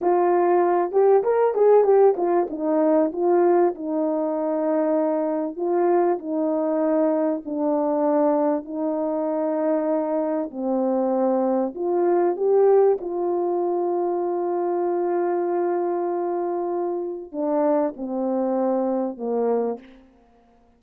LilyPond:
\new Staff \with { instrumentName = "horn" } { \time 4/4 \tempo 4 = 97 f'4. g'8 ais'8 gis'8 g'8 f'8 | dis'4 f'4 dis'2~ | dis'4 f'4 dis'2 | d'2 dis'2~ |
dis'4 c'2 f'4 | g'4 f'2.~ | f'1 | d'4 c'2 ais4 | }